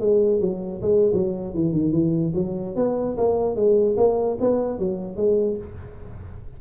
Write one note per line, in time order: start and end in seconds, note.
0.00 0.40 G#3
0.40 0.81 F#3
0.82 1.12 G#3
1.13 1.54 F#3
1.54 1.72 E3
1.72 1.92 D#3
1.92 2.33 E3
2.35 2.75 F#3
2.76 3.17 B3
3.17 3.55 A#3
3.55 3.96 G#3
3.97 4.38 A#3
4.40 4.79 B3
4.79 5.16 F#3
5.16 5.57 G#3